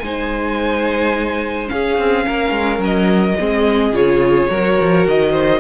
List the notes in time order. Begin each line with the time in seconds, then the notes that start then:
0.00 G#3 D#4 C5 G#5
1.67 C#4 G#4 F5
1.98 C4
2.27 A#3 A#4
2.51 G#3
2.79 F#3
2.85 D#5
3.40 G#3 C4 G#4
3.92 C#3 F4 C#5
4.51 F#3 F#4 A#4
4.82 F3
5.07 D#3 D#5
5.32 C5